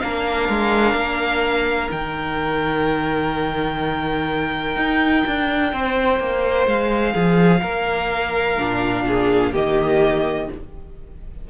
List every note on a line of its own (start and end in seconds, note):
0.00 0.49 A#3
0.00 1.93 D4
0.00 5.73 A#4
0.00 1.90 F5
0.49 0.94 G#3
0.94 1.89 A#3
1.91 4.76 D#3
1.91 8.59 D#4
1.91 6.68 G5
4.76 5.24 D#4
5.27 5.73 D4
5.73 6.19 C4
5.73 7.13 C5
6.19 6.67 A#3
6.67 7.14 G#3
6.67 9.54 F5
7.13 7.62 F3
7.13 7.61 G#4
7.61 8.58 A#3
7.61 9.04 A#4
8.58 9.53 A#2
8.58 9.54 D4
9.08 9.53 G#4
9.53 10.48 D#3
9.53 10.49 A#3
9.53 10.48 G4
9.53 10.50 D#5